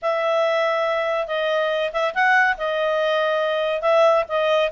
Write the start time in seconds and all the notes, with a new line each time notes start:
0.02 E5
1.27 D#5
1.92 E5
2.14 F#5
2.57 D#5
3.81 E5
4.28 D#5